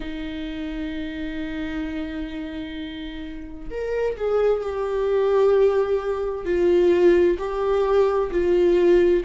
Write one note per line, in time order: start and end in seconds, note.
0.00 3.69 D#4
3.70 4.16 A#4
4.17 4.62 G#4
4.62 6.45 G4
6.45 7.37 F4
7.38 8.30 G4
8.31 9.23 F4